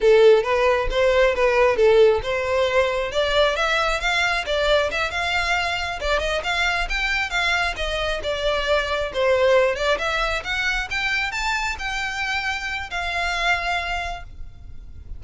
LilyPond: \new Staff \with { instrumentName = "violin" } { \time 4/4 \tempo 4 = 135 a'4 b'4 c''4 b'4 | a'4 c''2 d''4 | e''4 f''4 d''4 e''8 f''8~ | f''4. d''8 dis''8 f''4 g''8~ |
g''8 f''4 dis''4 d''4.~ | d''8 c''4. d''8 e''4 fis''8~ | fis''8 g''4 a''4 g''4.~ | g''4 f''2. | }